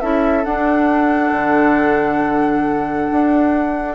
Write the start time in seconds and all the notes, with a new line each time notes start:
0.00 C#4 E4 A4 E5
0.44 D4 F#5
1.31 D3
3.12 D4